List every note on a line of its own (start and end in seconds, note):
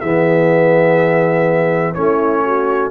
0.00 1.96 E3
0.00 1.95 B3
0.00 1.94 G#4
0.00 1.94 E5
1.94 2.90 A3
1.94 2.90 C#4
1.94 2.44 E4
1.94 2.90 C#5
2.44 2.90 F#4